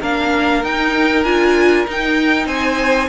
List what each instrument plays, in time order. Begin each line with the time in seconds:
0.00 cello A#3, viola D4, violin A#4 F5
0.63 cello D#4, viola D#4, violin G5
1.23 cello D4, viola F4, violin G#5
1.86 viola D#4, cello D#4, violin G5
2.45 cello C4, violin C5 G#5